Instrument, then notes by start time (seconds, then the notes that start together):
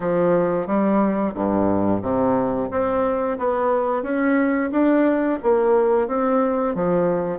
bassoon
0.00 F3
0.66 G3
1.34 G2
2.02 C3
2.70 C4
3.38 B3
4.03 C#4
4.71 D4
5.42 A#3
6.07 C4
6.74 F3